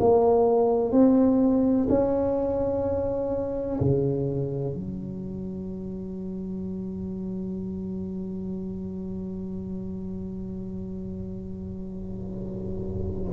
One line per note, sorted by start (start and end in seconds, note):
0.00 0.92 A#3
0.92 1.87 C4
1.89 3.80 C#4
3.80 4.74 C#3
4.74 13.32 F#3